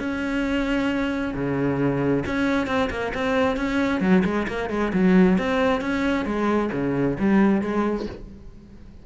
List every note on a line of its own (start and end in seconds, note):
0.00 1.34 C#4
1.35 2.25 C#3
2.27 2.67 C#4
2.67 2.90 C4
2.91 3.13 A#3
3.15 3.57 C4
3.57 4.01 C#4
4.01 4.24 F#3
4.25 4.47 G#3
4.48 4.71 A#3
4.71 4.93 G#3
4.94 5.39 F#3
5.39 5.82 C4
5.82 6.26 C#4
6.26 6.71 G#3
6.73 7.18 C#3
7.20 7.62 G3
7.62 8.07 G#3